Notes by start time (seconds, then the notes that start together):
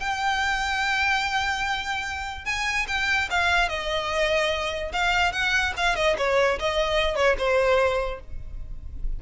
0.00 G5
2.45 G#5
2.88 G5
3.30 F5
3.69 D#5
4.92 F5
5.32 F#5
5.77 F5
5.96 D#5
6.18 C#5
6.59 D#5
7.15 C#5
7.38 C5